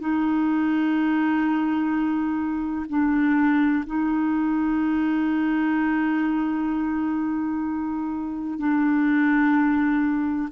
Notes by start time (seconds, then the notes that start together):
0.00 D#4
2.89 D4
3.86 D#4
8.59 D4